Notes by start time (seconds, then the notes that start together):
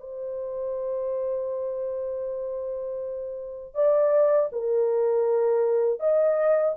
0.00 C5
3.75 D5
4.52 A#4
6.00 D#5